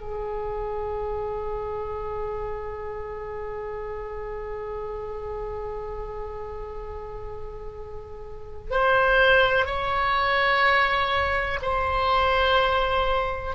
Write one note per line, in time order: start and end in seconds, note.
0.00 8.71 G#4
8.71 9.66 C5
9.66 11.59 C#5
11.62 13.55 C5